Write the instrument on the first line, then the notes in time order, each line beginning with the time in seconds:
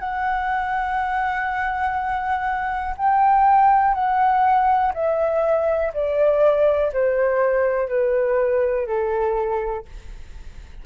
flute
0.00 F#5
2.98 G5
3.94 F#5
4.94 E5
5.94 D5
6.93 C5
7.89 B4
8.87 A4